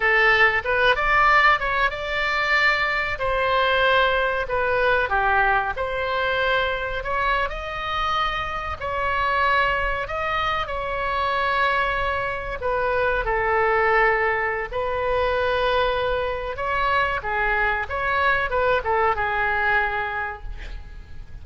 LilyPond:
\new Staff \with { instrumentName = "oboe" } { \time 4/4 \tempo 4 = 94 a'4 b'8 d''4 cis''8 d''4~ | d''4 c''2 b'4 | g'4 c''2 cis''8. dis''16~ | dis''4.~ dis''16 cis''2 dis''16~ |
dis''8. cis''2. b'16~ | b'8. a'2~ a'16 b'4~ | b'2 cis''4 gis'4 | cis''4 b'8 a'8 gis'2 | }